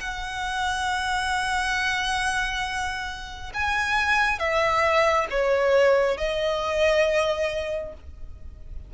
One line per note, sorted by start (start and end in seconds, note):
0.00 3.53 F#5
3.54 4.39 G#5
4.39 5.27 E5
5.31 6.18 C#5
6.18 7.94 D#5